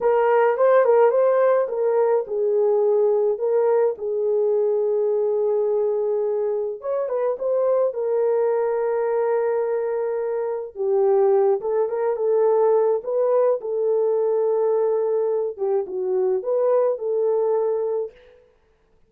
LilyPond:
\new Staff \with { instrumentName = "horn" } { \time 4/4 \tempo 4 = 106 ais'4 c''8 ais'8 c''4 ais'4 | gis'2 ais'4 gis'4~ | gis'1 | cis''8 b'8 c''4 ais'2~ |
ais'2. g'4~ | g'8 a'8 ais'8 a'4. b'4 | a'2.~ a'8 g'8 | fis'4 b'4 a'2 | }